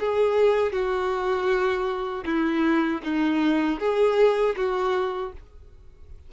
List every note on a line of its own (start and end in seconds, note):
0.00 0.72 G#4
0.72 2.24 F#4
2.25 3.01 E4
3.04 3.80 D#4
3.80 4.56 G#4
4.57 5.33 F#4